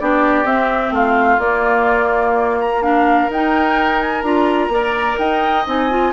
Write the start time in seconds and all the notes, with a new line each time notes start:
0.00 B3 D4 G4 D5
0.45 C4 E5
0.91 A3 F4 F5
1.39 A#3 D5
2.61 A#5
2.82 D4 A#4 F5
3.30 D#4 G5
4.02 G#5
4.22 D4 F4 A#5
4.69 A#3 A#4 D5
5.19 D#4 D#5 G5
5.66 C4 D#4 G#5
5.90 F4